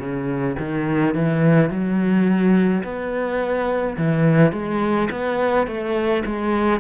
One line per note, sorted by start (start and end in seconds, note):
0.00 0.57 C#3
0.59 1.15 D#3
1.15 1.70 E3
1.70 2.84 F#3
2.84 3.97 B3
3.98 4.52 E3
4.52 5.09 G#3
5.11 5.67 B3
5.67 6.24 A3
6.26 6.80 G#3